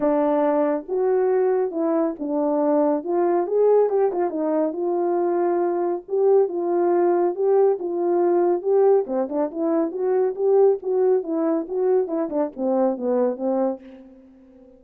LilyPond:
\new Staff \with { instrumentName = "horn" } { \time 4/4 \tempo 4 = 139 d'2 fis'2 | e'4 d'2 f'4 | gis'4 g'8 f'8 dis'4 f'4~ | f'2 g'4 f'4~ |
f'4 g'4 f'2 | g'4 c'8 d'8 e'4 fis'4 | g'4 fis'4 e'4 fis'4 | e'8 d'8 c'4 b4 c'4 | }